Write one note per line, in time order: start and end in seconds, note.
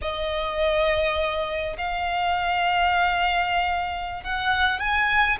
0.01 1.76 D#5
1.77 4.23 F5
4.23 4.79 F#5
4.79 5.37 G#5